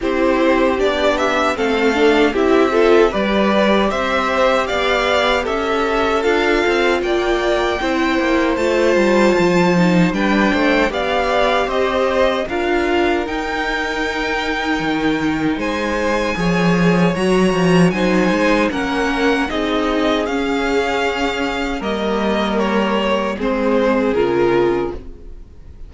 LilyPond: <<
  \new Staff \with { instrumentName = "violin" } { \time 4/4 \tempo 4 = 77 c''4 d''8 e''8 f''4 e''4 | d''4 e''4 f''4 e''4 | f''4 g''2 a''4~ | a''4 g''4 f''4 dis''4 |
f''4 g''2. | gis''2 ais''4 gis''4 | fis''4 dis''4 f''2 | dis''4 cis''4 c''4 ais'4 | }
  \new Staff \with { instrumentName = "violin" } { \time 4/4 g'2 a'4 g'8 a'8 | b'4 c''4 d''4 a'4~ | a'4 d''4 c''2~ | c''4 b'8 c''8 d''4 c''4 |
ais'1 | c''4 cis''2 c''4 | ais'4 gis'2. | ais'2 gis'2 | }
  \new Staff \with { instrumentName = "viola" } { \time 4/4 e'4 d'4 c'8 d'8 e'8 f'8 | g'1 | f'2 e'4 f'4~ | f'8 dis'8 d'4 g'2 |
f'4 dis'2.~ | dis'4 gis'4 fis'4 dis'4 | cis'4 dis'4 cis'2 | ais2 c'4 f'4 | }
  \new Staff \with { instrumentName = "cello" } { \time 4/4 c'4 b4 a4 c'4 | g4 c'4 b4 cis'4 | d'8 c'8 ais4 c'8 ais8 a8 g8 | f4 g8 a8 b4 c'4 |
d'4 dis'2 dis4 | gis4 f4 fis8 f8 fis8 gis8 | ais4 c'4 cis'2 | g2 gis4 cis4 | }
>>